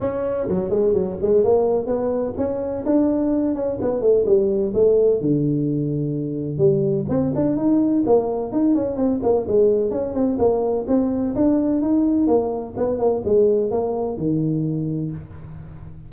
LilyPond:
\new Staff \with { instrumentName = "tuba" } { \time 4/4 \tempo 4 = 127 cis'4 fis8 gis8 fis8 gis8 ais4 | b4 cis'4 d'4. cis'8 | b8 a8 g4 a4 d4~ | d2 g4 c'8 d'8 |
dis'4 ais4 dis'8 cis'8 c'8 ais8 | gis4 cis'8 c'8 ais4 c'4 | d'4 dis'4 ais4 b8 ais8 | gis4 ais4 dis2 | }